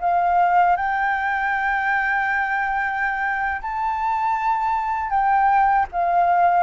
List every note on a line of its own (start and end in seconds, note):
0.00 0.76 F5
0.76 3.61 G5
3.61 5.10 A5
5.10 5.86 G5
5.91 6.62 F5